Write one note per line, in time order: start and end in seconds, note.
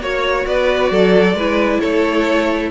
0.00 0.45 A#3
0.00 1.37 F#4
0.00 0.47 C#5
0.00 0.46 C#5
0.46 0.91 B3
0.46 0.91 B4
0.46 1.81 D5
0.91 1.34 F#3
0.91 1.36 A4
1.34 1.79 G#3
1.34 2.71 E4
1.34 1.80 B4
1.80 2.71 A3
1.80 2.71 A4
1.80 2.71 C#5